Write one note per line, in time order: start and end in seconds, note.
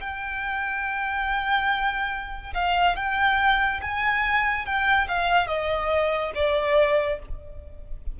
0.00 2.54 G5
2.54 2.96 F5
2.96 3.80 G5
3.81 4.65 G#5
4.65 5.07 G5
5.08 5.47 F5
5.47 6.31 D#5
6.34 7.19 D5